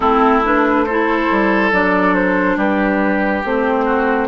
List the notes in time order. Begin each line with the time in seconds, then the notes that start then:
0.00 A3 C4 E4 A4
0.43 D4 B4
0.85 E4 A4 C5
1.30 G3
1.72 F#3 D4 D5
2.14 C5
2.56 G3 G4 B4
3.44 A3 C4 C5
3.85 F#4